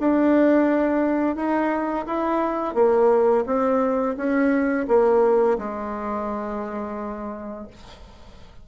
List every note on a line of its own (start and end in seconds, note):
0.00 1.36 D4
1.36 2.05 D#4
2.06 2.75 E4
2.75 3.44 A#3
3.46 4.16 C4
4.17 4.87 C#4
4.88 5.58 A#3
5.58 7.67 G#3